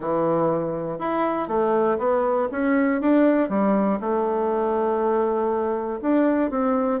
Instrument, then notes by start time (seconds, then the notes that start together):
bassoon
0.00 E3
0.98 E4
1.47 A3
1.98 B3
2.51 C#4
3.01 D4
3.49 G3
4.00 A3
6.01 D4
6.50 C4